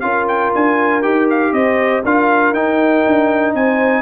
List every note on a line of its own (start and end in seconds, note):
0.00 0.53 C#4
0.00 1.02 F4
0.00 1.53 A#4
0.00 0.25 F5
0.28 0.53 G5
0.55 1.05 D4
0.55 1.02 G#5
1.02 1.52 D#4
1.02 2.03 G4
1.02 1.27 G5
1.30 1.53 F5
1.52 2.02 C4
1.52 2.03 C5
1.52 2.03 D#5
2.03 2.52 D4
2.03 2.55 F4
2.03 3.55 A#4
2.03 2.54 F5
2.52 3.03 D#4
2.52 4.02 D#4
2.52 3.54 G5
3.06 3.54 D4
3.54 4.02 C4
3.54 4.02 C5
3.54 4.02 G#5